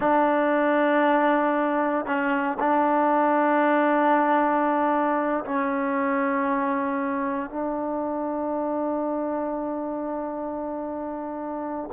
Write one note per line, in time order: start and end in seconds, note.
0.00 2.05 D4
2.05 2.57 C#4
2.59 5.44 D4
5.45 7.50 C#4
7.50 11.89 D4